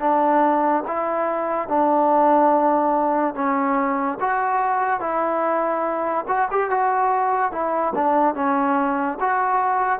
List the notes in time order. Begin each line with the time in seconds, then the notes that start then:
0.00 D4
0.87 E4
1.68 D4
3.35 C#4
4.20 F#4
5.00 E4
6.28 F#4
6.52 G4
6.70 F#4
7.52 E4
7.95 D4
8.35 C#4
9.20 F#4